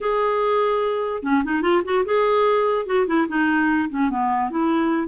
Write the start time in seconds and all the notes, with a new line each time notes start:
0.00 G#4
1.22 C#4
1.44 D#4
1.62 F4
1.84 F#4
2.05 G#4
2.86 F#4
3.06 E4
3.28 D#4
3.89 C#4
4.09 B3
4.50 E4